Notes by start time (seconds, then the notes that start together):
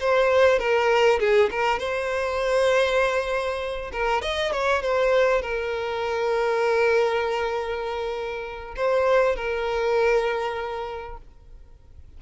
0.00 C5
0.59 A#4
1.20 G#4
1.51 A#4
1.79 C5
3.92 A#4
4.22 D#5
4.53 C#5
4.82 C5
5.42 A#4
8.76 C5
9.36 A#4